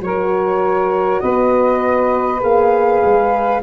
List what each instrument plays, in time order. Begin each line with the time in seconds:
0.00 tuba F#3, horn F#4, saxophone A#4, flute C#5
1.20 tuba B3, saxophone B4, flute D#5
2.40 tuba A#3, horn G#4, flute F5
3.03 tuba G#3